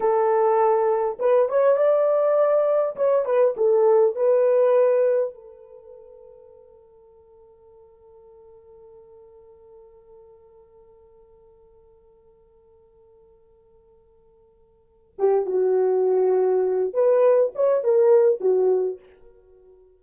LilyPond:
\new Staff \with { instrumentName = "horn" } { \time 4/4 \tempo 4 = 101 a'2 b'8 cis''8 d''4~ | d''4 cis''8 b'8 a'4 b'4~ | b'4 a'2.~ | a'1~ |
a'1~ | a'1~ | a'4. g'8 fis'2~ | fis'8 b'4 cis''8 ais'4 fis'4 | }